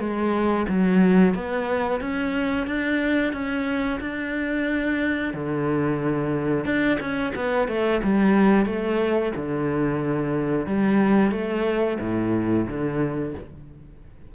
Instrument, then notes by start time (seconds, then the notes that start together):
cello
0.00 G#3
0.68 F#3
1.35 B3
2.01 C#4
2.67 D4
3.33 C#4
4.01 D4
5.34 D3
6.65 D4
7.00 C#4
7.35 B3
7.68 A3
8.04 G3
8.66 A3
9.36 D3
10.66 G3
11.32 A3
12.00 A2
12.68 D3